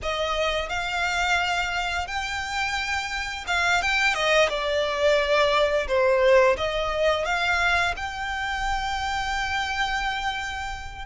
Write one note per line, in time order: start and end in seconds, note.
0.02 0.69 D#5
0.69 2.07 F5
2.07 3.45 G5
3.47 3.82 F5
3.82 4.14 G5
4.14 4.48 D#5
4.49 5.87 D5
5.87 6.56 C5
6.57 7.25 D#5
7.25 7.94 F5
7.96 11.05 G5